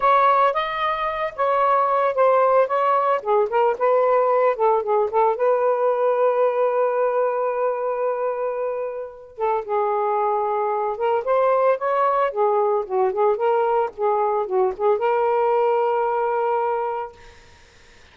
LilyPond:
\new Staff \with { instrumentName = "saxophone" } { \time 4/4 \tempo 4 = 112 cis''4 dis''4. cis''4. | c''4 cis''4 gis'8 ais'8 b'4~ | b'8 a'8 gis'8 a'8 b'2~ | b'1~ |
b'4. a'8 gis'2~ | gis'8 ais'8 c''4 cis''4 gis'4 | fis'8 gis'8 ais'4 gis'4 fis'8 gis'8 | ais'1 | }